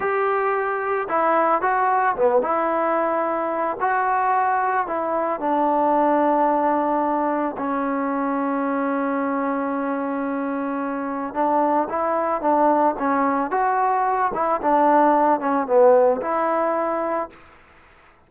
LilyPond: \new Staff \with { instrumentName = "trombone" } { \time 4/4 \tempo 4 = 111 g'2 e'4 fis'4 | b8 e'2~ e'8 fis'4~ | fis'4 e'4 d'2~ | d'2 cis'2~ |
cis'1~ | cis'4 d'4 e'4 d'4 | cis'4 fis'4. e'8 d'4~ | d'8 cis'8 b4 e'2 | }